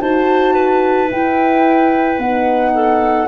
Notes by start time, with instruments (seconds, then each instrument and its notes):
0.00 tuba D#4, horn F#4, clarinet C5, flute A5
0.53 clarinet B4
1.07 horn E4, tuba E4, flute G5
2.18 tuba B3, horn D#4, flute F#5
2.74 clarinet A4